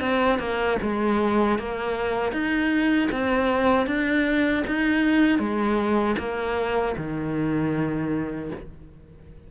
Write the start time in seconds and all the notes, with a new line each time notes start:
0.00 C4
0.39 A#3
0.82 G#3
1.58 A#3
2.32 D#4
3.11 C4
3.86 D4
4.67 D#4
5.38 G#3
6.18 A#3
6.97 D#3